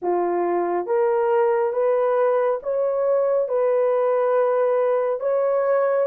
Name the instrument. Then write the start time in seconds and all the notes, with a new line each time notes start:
horn
0.02 F4
0.86 A#4
1.72 B4
2.62 C#5
3.48 B4
5.20 C#5